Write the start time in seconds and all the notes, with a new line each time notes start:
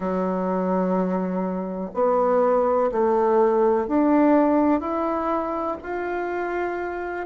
0.00 F#3
1.94 B3
2.91 A3
3.87 D4
4.80 E4
5.82 F4